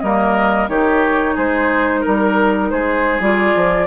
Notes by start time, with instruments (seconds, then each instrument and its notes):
0.00 bassoon G3, clarinet A#3, oboe A#4, flute D#5
0.68 bassoon D#3, clarinet D#4, oboe G4, flute C#5
1.35 bassoon G#3, oboe G#4, flute C5
2.00 oboe A#4, flute A#4
2.06 bassoon G3
2.70 bassoon G#3, oboe G#4, flute C5
3.20 bassoon G3, clarinet F4, flute D5
3.56 bassoon F3